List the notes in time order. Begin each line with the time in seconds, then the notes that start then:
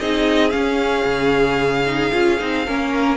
0.00 C4 D#4 G#4 D#5
0.50 C#4 F5
1.05 C#3
1.87 D#4
2.12 C#4 F4
2.40 C4 D#4
2.66 A#3 C#4 A#4